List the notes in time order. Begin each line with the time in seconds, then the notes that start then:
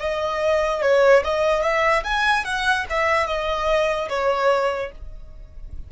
0.00 D#5
0.82 C#5
1.24 D#5
1.63 E5
2.04 G#5
2.45 F#5
2.90 E5
3.27 D#5
4.09 C#5